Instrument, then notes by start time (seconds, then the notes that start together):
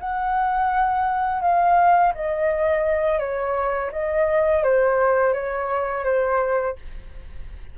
flute
0.00 F#5
1.42 F5
2.14 D#5
3.19 C#5
3.92 D#5
4.64 C5
5.33 C#5
6.05 C5